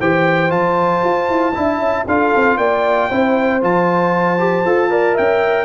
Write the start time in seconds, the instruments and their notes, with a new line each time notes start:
0.00 tuba E3, trombone G4, horn C5, trumpet G5
0.49 tuba F3, trombone F4, trumpet A5
1.04 tuba F4
1.30 tuba E4
1.54 tuba D4, trombone E4, horn E5
1.79 tuba C#4
2.07 tuba D4, trombone F4, horn A4, trumpet F5
2.35 tuba C4
2.57 tuba A#3, horn D5, trumpet G5
3.10 tuba C4, trombone E4, horn C5
3.62 tuba F3, trombone F4, trumpet A5
4.39 trombone G4
4.65 tuba F4, trombone A4
4.90 trombone A#4, horn D5
5.14 tuba C#4, horn E5, trumpet G5